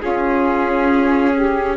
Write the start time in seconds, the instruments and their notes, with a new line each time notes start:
0.00 viola C#4, bassoon C#4, saxophone F4, trumpet G#4
1.35 saxophone G4